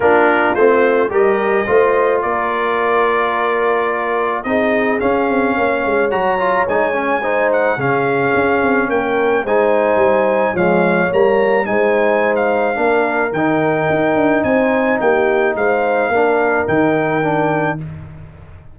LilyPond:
<<
  \new Staff \with { instrumentName = "trumpet" } { \time 4/4 \tempo 4 = 108 ais'4 c''4 dis''2 | d''1 | dis''4 f''2 ais''4 | gis''4. fis''8 f''2 |
g''4 gis''2 f''4 | ais''4 gis''4~ gis''16 f''4.~ f''16 | g''2 gis''4 g''4 | f''2 g''2 | }
  \new Staff \with { instrumentName = "horn" } { \time 4/4 f'2 ais'4 c''4 | ais'1 | gis'2 cis''2~ | cis''4 c''4 gis'2 |
ais'4 c''2 cis''4~ | cis''4 c''2 ais'4~ | ais'2 c''4 g'4 | c''4 ais'2. | }
  \new Staff \with { instrumentName = "trombone" } { \time 4/4 d'4 c'4 g'4 f'4~ | f'1 | dis'4 cis'2 fis'8 f'8 | dis'8 cis'8 dis'4 cis'2~ |
cis'4 dis'2 gis4 | ais4 dis'2 d'4 | dis'1~ | dis'4 d'4 dis'4 d'4 | }
  \new Staff \with { instrumentName = "tuba" } { \time 4/4 ais4 a4 g4 a4 | ais1 | c'4 cis'8 c'8 ais8 gis8 fis4 | gis2 cis4 cis'8 c'8 |
ais4 gis4 g4 f4 | g4 gis2 ais4 | dis4 dis'8 d'8 c'4 ais4 | gis4 ais4 dis2 | }
>>